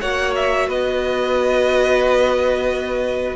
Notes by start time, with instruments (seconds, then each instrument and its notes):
0.00 cello A#3, viola F#4, violin C#5 F#5
0.36 violin E5
0.67 cello B3, violin B4 D#5